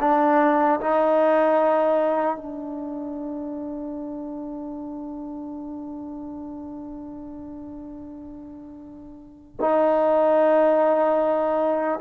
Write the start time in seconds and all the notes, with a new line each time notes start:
0.00 D4
0.80 D#4
2.36 D4
9.60 D#4